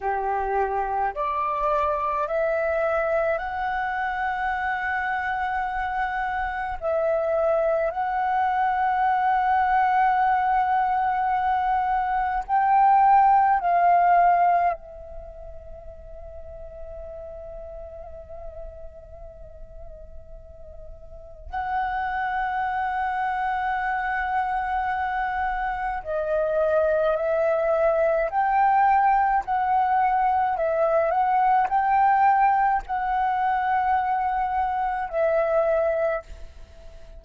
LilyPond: \new Staff \with { instrumentName = "flute" } { \time 4/4 \tempo 4 = 53 g'4 d''4 e''4 fis''4~ | fis''2 e''4 fis''4~ | fis''2. g''4 | f''4 e''2.~ |
e''2. fis''4~ | fis''2. dis''4 | e''4 g''4 fis''4 e''8 fis''8 | g''4 fis''2 e''4 | }